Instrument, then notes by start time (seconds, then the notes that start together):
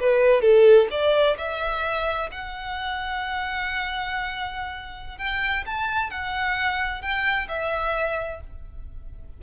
violin
0.00 B4
0.42 A4
0.91 D5
1.38 E5
2.32 F#5
5.18 G5
5.66 A5
6.11 F#5
7.02 G5
7.49 E5